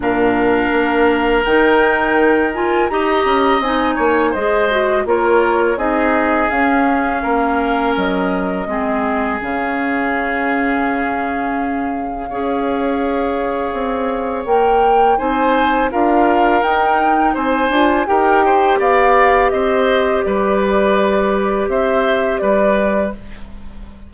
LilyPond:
<<
  \new Staff \with { instrumentName = "flute" } { \time 4/4 \tempo 4 = 83 f''2 g''4. gis''8 | ais''4 gis''4 dis''4 cis''4 | dis''4 f''2 dis''4~ | dis''4 f''2.~ |
f''1 | g''4 gis''4 f''4 g''4 | gis''4 g''4 f''4 dis''4 | d''2 e''4 d''4 | }
  \new Staff \with { instrumentName = "oboe" } { \time 4/4 ais'1 | dis''4. cis''8 c''4 ais'4 | gis'2 ais'2 | gis'1~ |
gis'4 cis''2.~ | cis''4 c''4 ais'2 | c''4 ais'8 c''8 d''4 c''4 | b'2 c''4 b'4 | }
  \new Staff \with { instrumentName = "clarinet" } { \time 4/4 d'2 dis'4. f'8 | g'4 dis'4 gis'8 fis'8 f'4 | dis'4 cis'2. | c'4 cis'2.~ |
cis'4 gis'2. | ais'4 dis'4 f'4 dis'4~ | dis'8 f'8 g'2.~ | g'1 | }
  \new Staff \with { instrumentName = "bassoon" } { \time 4/4 ais,4 ais4 dis2 | dis'8 cis'8 c'8 ais8 gis4 ais4 | c'4 cis'4 ais4 fis4 | gis4 cis2.~ |
cis4 cis'2 c'4 | ais4 c'4 d'4 dis'4 | c'8 d'8 dis'4 b4 c'4 | g2 c'4 g4 | }
>>